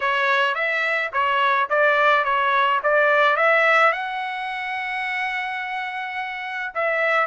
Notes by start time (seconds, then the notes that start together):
0.00 C#5
0.55 E5
1.12 C#5
1.69 D5
2.24 C#5
2.83 D5
3.36 E5
3.92 F#5
6.74 E5